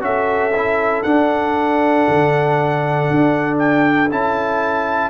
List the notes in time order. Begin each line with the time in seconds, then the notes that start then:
0.00 C#4 F#4 A4 E5
0.55 E4
1.02 D4 F#5
2.08 D3
3.10 D4
3.58 G5
4.11 C#4 E4 A5